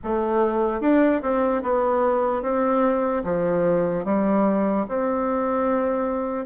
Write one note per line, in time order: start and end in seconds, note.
0.03 0.81 A3
0.81 1.21 D4
1.22 1.62 C4
1.62 2.42 B3
2.42 3.23 C4
3.24 4.04 F3
4.04 4.85 G3
4.88 6.45 C4